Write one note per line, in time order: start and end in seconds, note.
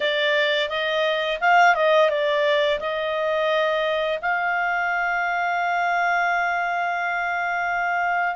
0.00 0.69 D5
0.69 1.39 D#5
1.40 1.74 F5
1.74 2.09 D#5
2.09 2.79 D5
2.79 4.19 D#5
4.21 8.35 F5